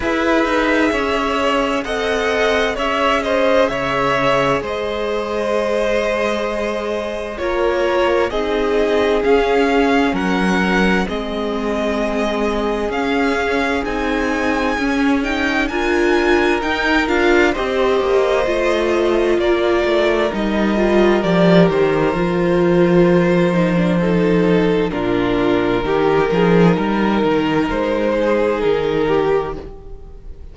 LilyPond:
<<
  \new Staff \with { instrumentName = "violin" } { \time 4/4 \tempo 4 = 65 e''2 fis''4 e''8 dis''8 | e''4 dis''2. | cis''4 dis''4 f''4 fis''4 | dis''2 f''4 gis''4~ |
gis''8 g''8 gis''4 g''8 f''8 dis''4~ | dis''4 d''4 dis''4 d''8 c''8~ | c''2. ais'4~ | ais'2 c''4 ais'4 | }
  \new Staff \with { instrumentName = "violin" } { \time 4/4 b'4 cis''4 dis''4 cis''8 c''8 | cis''4 c''2. | ais'4 gis'2 ais'4 | gis'1~ |
gis'4 ais'2 c''4~ | c''4 ais'2.~ | ais'2 a'4 f'4 | g'8 gis'8 ais'4. gis'4 g'8 | }
  \new Staff \with { instrumentName = "viola" } { \time 4/4 gis'2 a'4 gis'4~ | gis'1 | f'4 dis'4 cis'2 | c'2 cis'4 dis'4 |
cis'8 dis'8 f'4 dis'8 f'8 g'4 | f'2 dis'8 f'8 g'4 | f'4. dis'16 d'16 dis'4 d'4 | dis'1 | }
  \new Staff \with { instrumentName = "cello" } { \time 4/4 e'8 dis'8 cis'4 c'4 cis'4 | cis4 gis2. | ais4 c'4 cis'4 fis4 | gis2 cis'4 c'4 |
cis'4 d'4 dis'8 d'8 c'8 ais8 | a4 ais8 a8 g4 f8 dis8 | f2. ais,4 | dis8 f8 g8 dis8 gis4 dis4 | }
>>